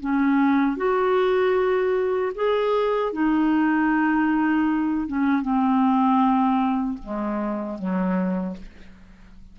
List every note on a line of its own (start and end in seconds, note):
0.00 0.77 C#4
0.77 2.32 F#4
2.35 3.13 G#4
3.13 5.07 D#4
5.07 5.42 C#4
5.42 6.98 C4
7.03 7.79 G#3
7.79 8.56 F#3